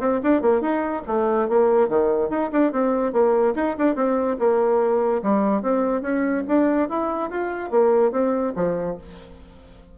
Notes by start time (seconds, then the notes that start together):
0.00 C4
0.23 D4
0.42 A#3
0.61 D#4
1.07 A3
1.49 A#3
1.89 D#3
2.30 D#4
2.52 D4
2.72 C4
3.13 A#3
3.56 D#4
3.79 D4
3.95 C4
4.39 A#3
5.23 G3
5.62 C4
6.02 C#4
6.48 D4
6.89 E4
7.30 F4
7.71 A#3
8.12 C4
8.56 F3